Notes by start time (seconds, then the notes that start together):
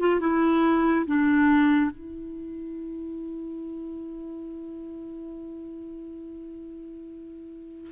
0.00 F4
0.20 E4
1.07 D4
1.91 E4